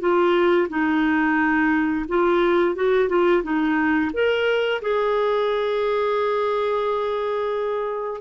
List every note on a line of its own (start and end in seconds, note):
0.00 0.68 F4
0.69 2.06 D#4
2.09 2.76 F4
2.76 3.09 F#4
3.09 3.43 F4
3.43 4.11 D#4
4.13 4.82 A#4
4.82 8.21 G#4